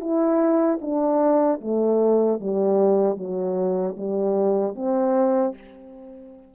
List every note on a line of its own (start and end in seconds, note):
0.00 0.79 E4
0.81 1.60 D4
1.61 2.40 A3
2.40 3.17 G3
3.17 3.95 F#3
3.97 4.75 G3
4.75 5.54 C4